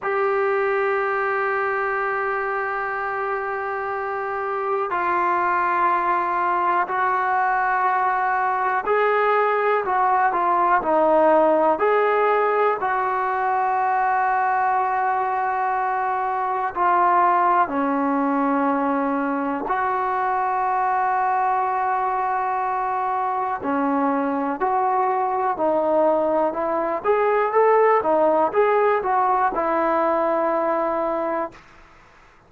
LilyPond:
\new Staff \with { instrumentName = "trombone" } { \time 4/4 \tempo 4 = 61 g'1~ | g'4 f'2 fis'4~ | fis'4 gis'4 fis'8 f'8 dis'4 | gis'4 fis'2.~ |
fis'4 f'4 cis'2 | fis'1 | cis'4 fis'4 dis'4 e'8 gis'8 | a'8 dis'8 gis'8 fis'8 e'2 | }